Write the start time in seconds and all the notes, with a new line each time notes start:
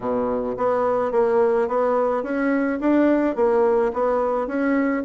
0.00 B2
0.57 B3
1.11 A#3
1.67 B3
2.23 C#4
2.80 D4
3.35 A#3
3.93 B3
4.47 C#4